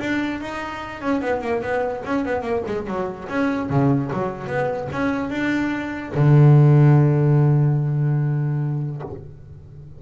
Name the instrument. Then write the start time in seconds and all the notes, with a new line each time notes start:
double bass
0.00 D4
0.41 D#4
1.02 C#4
1.22 B3
1.42 A#3
1.63 B3
2.05 C#4
2.25 B3
2.42 A#3
2.67 G#3
2.87 F#3
3.29 C#4
3.70 C#3
4.13 F#3
4.47 B3
4.92 C#4
5.30 D4
6.15 D3